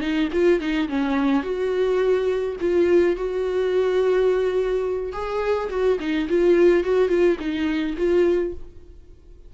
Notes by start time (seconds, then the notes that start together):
0.00 D#4
0.32 F4
0.60 D#4
0.88 C#4
1.43 F#4
2.60 F4
3.16 F#4
5.13 G#4
5.69 F#4
5.99 D#4
6.29 F4
6.84 F#4
7.08 F4
7.39 D#4
7.97 F4